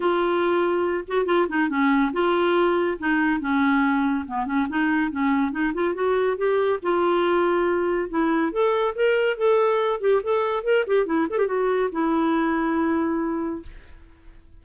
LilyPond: \new Staff \with { instrumentName = "clarinet" } { \time 4/4 \tempo 4 = 141 f'2~ f'8 fis'8 f'8 dis'8 | cis'4 f'2 dis'4 | cis'2 b8 cis'8 dis'4 | cis'4 dis'8 f'8 fis'4 g'4 |
f'2. e'4 | a'4 ais'4 a'4. g'8 | a'4 ais'8 g'8 e'8 a'16 g'16 fis'4 | e'1 | }